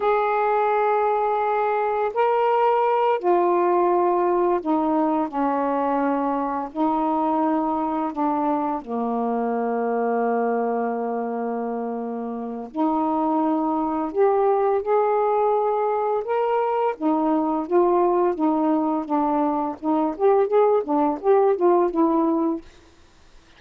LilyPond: \new Staff \with { instrumentName = "saxophone" } { \time 4/4 \tempo 4 = 85 gis'2. ais'4~ | ais'8 f'2 dis'4 cis'8~ | cis'4. dis'2 d'8~ | d'8 ais2.~ ais8~ |
ais2 dis'2 | g'4 gis'2 ais'4 | dis'4 f'4 dis'4 d'4 | dis'8 g'8 gis'8 d'8 g'8 f'8 e'4 | }